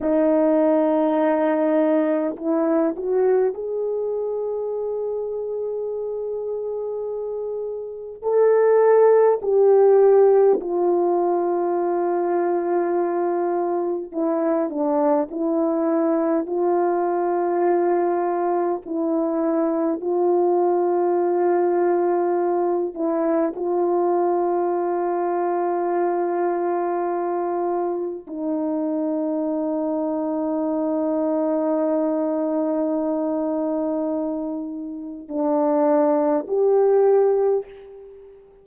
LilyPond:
\new Staff \with { instrumentName = "horn" } { \time 4/4 \tempo 4 = 51 dis'2 e'8 fis'8 gis'4~ | gis'2. a'4 | g'4 f'2. | e'8 d'8 e'4 f'2 |
e'4 f'2~ f'8 e'8 | f'1 | dis'1~ | dis'2 d'4 g'4 | }